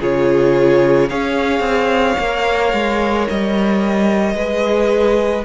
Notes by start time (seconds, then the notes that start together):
0.00 C#3 F4 G#4 C#5
1.10 C#4 G#4 C#5 F5
1.60 C4
2.19 A#3 A#4
2.73 G#3
3.30 G3 D#5
4.35 G#3 G#4 B4